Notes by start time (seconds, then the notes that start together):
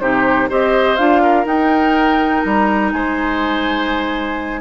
0.00 C3 D#4 G4 C5
0.49 C4 G4 C5 D#5
0.96 D4 F4 F5
1.22 A#4
1.45 D#4 G5
2.42 G3 A#5
2.93 G#3 C5 G#5